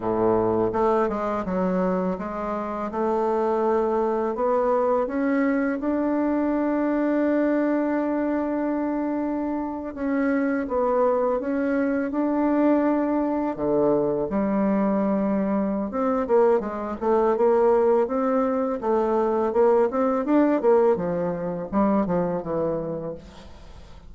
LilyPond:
\new Staff \with { instrumentName = "bassoon" } { \time 4/4 \tempo 4 = 83 a,4 a8 gis8 fis4 gis4 | a2 b4 cis'4 | d'1~ | d'4.~ d'16 cis'4 b4 cis'16~ |
cis'8. d'2 d4 g16~ | g2 c'8 ais8 gis8 a8 | ais4 c'4 a4 ais8 c'8 | d'8 ais8 f4 g8 f8 e4 | }